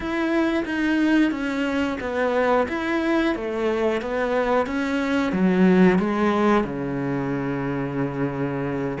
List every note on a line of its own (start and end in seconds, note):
0.00 0.64 E4
0.65 1.31 D#4
1.31 1.98 C#4
2.00 2.67 B3
2.68 3.35 E4
3.35 4.01 A3
4.01 4.66 B3
4.66 5.32 C#4
5.32 5.98 F#3
5.98 6.64 G#3
6.64 8.97 C#3